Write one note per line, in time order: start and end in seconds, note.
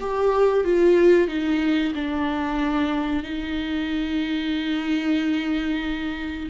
0.00 0.65 G4
0.65 1.28 F4
1.28 1.94 D#4
1.95 3.23 D4
3.23 6.49 D#4